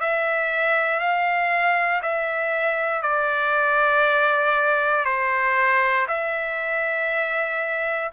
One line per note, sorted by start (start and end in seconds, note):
0.00 0.99 E5
0.99 2.01 F5
2.02 3.02 E5
3.02 5.04 D5
5.04 6.06 C5
6.07 8.11 E5